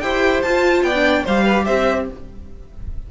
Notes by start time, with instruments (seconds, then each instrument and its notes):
0.00 cello E4, viola G4, violin C5 G5
0.42 cello F4, viola F4, violin A5
0.82 cello B3, violin D5 G5
0.94 viola D4
1.24 cello G3, viola G4, violin C5 F5
1.44 violin B4
1.64 cello C4, violin C5 E5